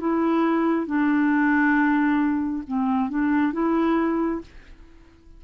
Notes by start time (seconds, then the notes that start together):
0.00 E4
0.86 D4
2.67 C4
3.09 D4
3.53 E4